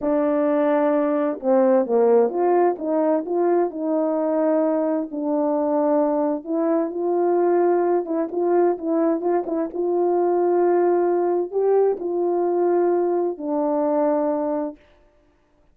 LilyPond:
\new Staff \with { instrumentName = "horn" } { \time 4/4 \tempo 4 = 130 d'2. c'4 | ais4 f'4 dis'4 f'4 | dis'2. d'4~ | d'2 e'4 f'4~ |
f'4. e'8 f'4 e'4 | f'8 e'8 f'2.~ | f'4 g'4 f'2~ | f'4 d'2. | }